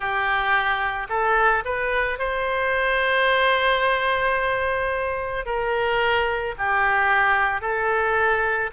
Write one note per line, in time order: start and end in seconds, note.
0.00 1.07 G4
1.09 1.63 A4
1.64 2.18 B4
2.18 5.45 C5
5.45 6.55 A#4
6.58 7.61 G4
7.61 8.70 A4